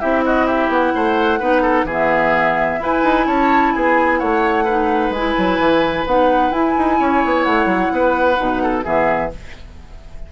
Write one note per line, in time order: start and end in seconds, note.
0.00 0.69 C4
0.00 1.41 E4
0.00 0.24 G4
0.00 0.23 E5
0.25 0.46 F#4
0.25 0.48 D#5
0.46 0.93 G4
0.46 0.71 E5
0.69 0.92 B3
0.69 1.88 F#5
0.95 1.41 A3
0.95 1.40 C5
1.40 1.84 B3
1.40 1.87 D#4
1.40 1.62 B4
1.62 1.85 A4
1.84 2.77 E3
1.84 2.81 B3
1.84 2.79 G#4
1.92 2.84 E5
2.80 3.03 E4
2.80 4.67 E4
2.80 3.27 B4
2.80 3.28 G#5
3.04 3.27 D#4
3.27 3.73 C#4
3.27 3.73 C#5
3.27 3.73 A5
3.73 4.22 B3
3.73 4.19 G#4
3.73 4.19 G#5
4.19 5.10 A3
4.19 4.64 C#5
4.19 5.12 F#5
4.64 5.15 D#4
4.64 6.97 B4
5.10 5.33 G#3
5.10 6.06 G#5
5.17 6.07 E4
5.38 5.59 F#3
5.59 6.05 E3
6.07 6.51 B3
6.07 6.53 D#4
6.07 6.52 F#5
6.51 6.74 E4
6.51 8.36 E4
6.51 7.43 G#5
6.78 7.00 D#4
7.00 7.23 C#4
7.00 7.93 C#5
7.25 7.46 B3
7.43 7.66 A3
7.43 8.83 F#5
7.66 7.89 F#3
7.92 8.39 B3
7.92 8.63 B4
8.36 8.85 B2
8.36 8.83 D#4
8.63 8.85 A4
8.84 9.32 E3
8.84 9.31 B3
8.84 9.31 G#4
8.84 9.31 E5